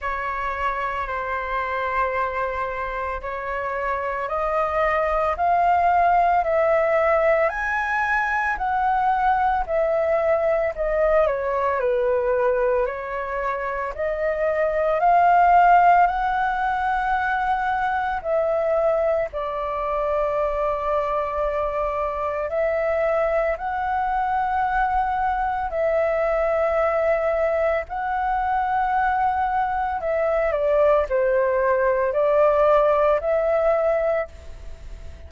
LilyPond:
\new Staff \with { instrumentName = "flute" } { \time 4/4 \tempo 4 = 56 cis''4 c''2 cis''4 | dis''4 f''4 e''4 gis''4 | fis''4 e''4 dis''8 cis''8 b'4 | cis''4 dis''4 f''4 fis''4~ |
fis''4 e''4 d''2~ | d''4 e''4 fis''2 | e''2 fis''2 | e''8 d''8 c''4 d''4 e''4 | }